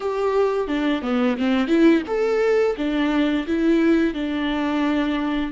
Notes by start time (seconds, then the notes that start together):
0.00 G4
0.67 D4
1.02 B3
1.37 C4
1.67 E4
2.07 A4
2.77 D4
3.47 E4
4.14 D4